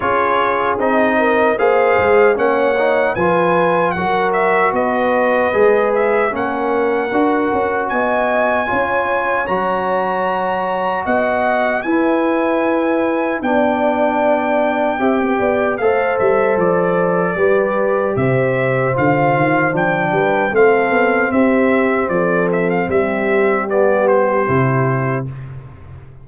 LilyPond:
<<
  \new Staff \with { instrumentName = "trumpet" } { \time 4/4 \tempo 4 = 76 cis''4 dis''4 f''4 fis''4 | gis''4 fis''8 e''8 dis''4. e''8 | fis''2 gis''2 | ais''2 fis''4 gis''4~ |
gis''4 g''2. | f''8 e''8 d''2 e''4 | f''4 g''4 f''4 e''4 | d''8 e''16 f''16 e''4 d''8 c''4. | }
  \new Staff \with { instrumentName = "horn" } { \time 4/4 gis'4. ais'8 c''4 cis''4 | b'4 ais'4 b'2 | ais'2 dis''4 cis''4~ | cis''2 dis''4 b'4~ |
b'4 d''2 e''16 b16 d''8 | c''2 b'4 c''4~ | c''4. b'8 a'4 g'4 | a'4 g'2. | }
  \new Staff \with { instrumentName = "trombone" } { \time 4/4 f'4 dis'4 gis'4 cis'8 dis'8 | f'4 fis'2 gis'4 | cis'4 fis'2 f'4 | fis'2. e'4~ |
e'4 d'2 g'4 | a'2 g'2 | f'4 d'4 c'2~ | c'2 b4 e'4 | }
  \new Staff \with { instrumentName = "tuba" } { \time 4/4 cis'4 c'4 ais8 gis8 ais4 | f4 fis4 b4 gis4 | ais4 d'8 cis'8 b4 cis'4 | fis2 b4 e'4~ |
e'4 b2 c'8 b8 | a8 g8 f4 g4 c4 | d8 dis8 f8 g8 a8 b8 c'4 | f4 g2 c4 | }
>>